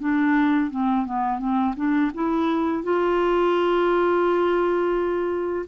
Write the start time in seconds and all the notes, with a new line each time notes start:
0.00 D4
0.71 C4
1.06 B3
1.39 C4
1.76 D4
2.14 E4
2.84 F4